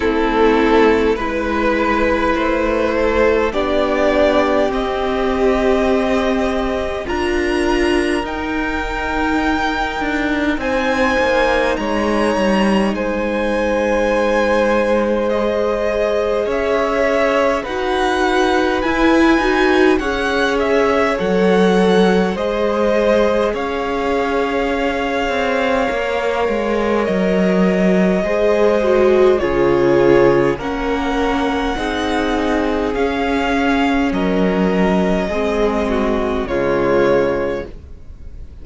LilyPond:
<<
  \new Staff \with { instrumentName = "violin" } { \time 4/4 \tempo 4 = 51 a'4 b'4 c''4 d''4 | dis''2 ais''4 g''4~ | g''4 gis''4 ais''4 gis''4~ | gis''4 dis''4 e''4 fis''4 |
gis''4 fis''8 e''8 fis''4 dis''4 | f''2. dis''4~ | dis''4 cis''4 fis''2 | f''4 dis''2 cis''4 | }
  \new Staff \with { instrumentName = "violin" } { \time 4/4 e'4 b'4. a'8 g'4~ | g'2 ais'2~ | ais'4 c''4 cis''4 c''4~ | c''2 cis''4 b'4~ |
b'4 cis''2 c''4 | cis''1 | c''4 gis'4 ais'4 gis'4~ | gis'4 ais'4 gis'8 fis'8 f'4 | }
  \new Staff \with { instrumentName = "viola" } { \time 4/4 c'4 e'2 d'4 | c'2 f'4 dis'4~ | dis'1~ | dis'4 gis'2 fis'4 |
e'8 fis'8 gis'4 a'4 gis'4~ | gis'2 ais'2 | gis'8 fis'8 f'4 cis'4 dis'4 | cis'2 c'4 gis4 | }
  \new Staff \with { instrumentName = "cello" } { \time 4/4 a4 gis4 a4 b4 | c'2 d'4 dis'4~ | dis'8 d'8 c'8 ais8 gis8 g8 gis4~ | gis2 cis'4 dis'4 |
e'8 dis'8 cis'4 fis4 gis4 | cis'4. c'8 ais8 gis8 fis4 | gis4 cis4 ais4 c'4 | cis'4 fis4 gis4 cis4 | }
>>